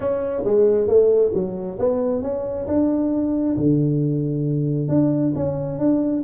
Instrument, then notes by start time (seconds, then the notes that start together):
tuba
0.00 C#4
0.44 G#3
0.87 A3
1.34 F#3
1.78 B3
2.22 C#4
2.67 D4
3.56 D3
4.88 D4
5.35 C#4
5.78 D4